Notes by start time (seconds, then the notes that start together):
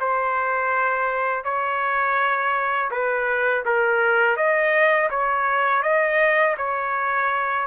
0.00 C5
1.44 C#5
2.91 B4
3.65 A#4
4.36 D#5
5.10 C#5
5.82 D#5
6.57 C#5